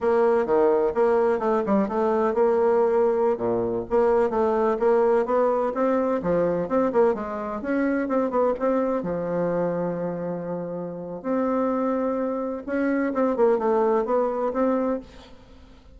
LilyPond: \new Staff \with { instrumentName = "bassoon" } { \time 4/4 \tempo 4 = 128 ais4 dis4 ais4 a8 g8 | a4 ais2~ ais16 ais,8.~ | ais,16 ais4 a4 ais4 b8.~ | b16 c'4 f4 c'8 ais8 gis8.~ |
gis16 cis'4 c'8 b8 c'4 f8.~ | f1 | c'2. cis'4 | c'8 ais8 a4 b4 c'4 | }